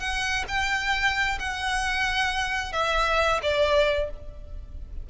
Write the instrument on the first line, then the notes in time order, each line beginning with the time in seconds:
violin
0.00 F#5
0.49 G5
1.40 F#5
2.73 E5
3.43 D5